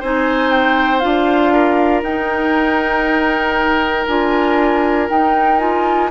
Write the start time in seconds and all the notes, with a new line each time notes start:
0.00 C4 D#4 C5 G#5
0.51 G5
0.99 D4 F4 F5
1.53 A#4
2.03 D#4 G5
4.07 D4 F4 G#5
5.09 D#4 G5
5.59 F4 G#5